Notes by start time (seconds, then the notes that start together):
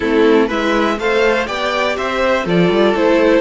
0.00 A3 C4 E4 A4
0.46 G#3 E4 B4 E5
0.98 A3 A4 C5 F5
1.46 B3 G4 D5 G5
1.97 C4 C5 E5
2.45 F3 F4 A4 D5
2.69 G3
2.95 A3 E4 C5